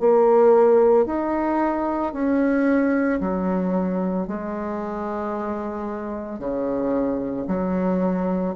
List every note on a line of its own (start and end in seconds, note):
0.00 1.06 A#3
1.06 2.13 D#4
2.13 3.20 C#4
3.20 4.27 F#3
4.27 6.39 G#3
6.39 7.46 C#3
7.48 8.55 F#3